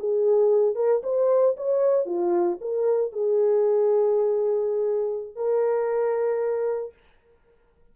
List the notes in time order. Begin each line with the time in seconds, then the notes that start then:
0.00 G#4
0.76 A#4
1.04 C5
1.57 C#5
2.06 F4
2.61 A#4
3.13 G#4
5.36 A#4